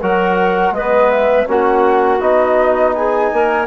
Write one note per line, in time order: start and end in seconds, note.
0.00 0.71 F#3
0.00 0.75 F#4
0.00 0.73 A#4
0.00 0.74 F#5
0.71 1.44 G#3
0.71 1.46 B3
0.71 1.48 B4
0.71 1.11 D#5
1.11 1.47 E5
1.46 2.21 A#3
1.46 2.19 C#4
1.46 2.95 F#4
1.46 2.21 F#5
2.21 3.30 B3
2.21 3.66 D#4
2.21 2.94 D#5
2.95 3.32 G#4
2.95 3.66 G#5
3.32 3.66 A#3
3.32 3.66 A#4